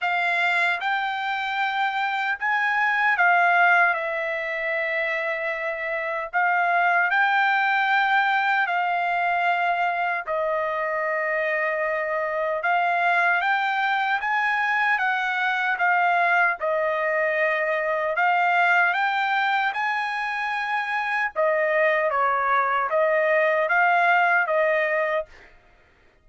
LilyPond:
\new Staff \with { instrumentName = "trumpet" } { \time 4/4 \tempo 4 = 76 f''4 g''2 gis''4 | f''4 e''2. | f''4 g''2 f''4~ | f''4 dis''2. |
f''4 g''4 gis''4 fis''4 | f''4 dis''2 f''4 | g''4 gis''2 dis''4 | cis''4 dis''4 f''4 dis''4 | }